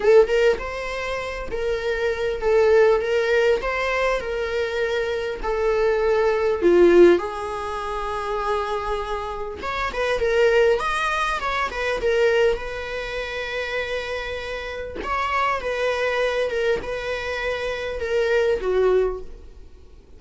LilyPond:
\new Staff \with { instrumentName = "viola" } { \time 4/4 \tempo 4 = 100 a'8 ais'8 c''4. ais'4. | a'4 ais'4 c''4 ais'4~ | ais'4 a'2 f'4 | gis'1 |
cis''8 b'8 ais'4 dis''4 cis''8 b'8 | ais'4 b'2.~ | b'4 cis''4 b'4. ais'8 | b'2 ais'4 fis'4 | }